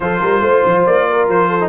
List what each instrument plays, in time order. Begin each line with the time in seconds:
0.00 tuba F3, trombone F4, horn A4, trumpet C5
0.20 tuba G3, horn A#4
0.40 tuba A3, horn C5
0.65 tuba F3
0.86 tuba A#3, trumpet D5
1.07 horn A#4
1.28 tuba F3, trumpet C5
1.48 horn A4
1.60 trombone D#4